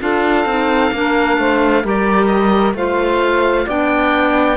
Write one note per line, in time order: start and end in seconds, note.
0.00 0.45 D4
0.00 0.46 F4
0.00 0.94 A4
0.00 1.87 F5
0.45 0.91 C4
0.45 0.94 D#4
0.92 1.38 A#3
0.92 1.84 D4
0.92 1.39 A#4
1.38 1.84 A3
1.38 1.83 C5
1.83 2.74 G3
1.83 2.76 G4
1.83 2.75 A#4
1.83 2.27 D5
2.27 2.73 D#5
2.74 3.66 A3
2.74 3.68 F4
2.74 3.66 C5
2.74 3.69 F5
3.66 4.57 B3
3.66 4.57 D4
3.66 4.57 D5
3.66 4.57 G5